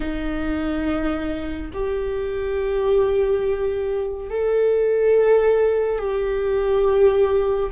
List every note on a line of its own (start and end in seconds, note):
0.00 1.71 D#4
1.73 4.29 G4
4.29 5.98 A4
5.98 7.70 G4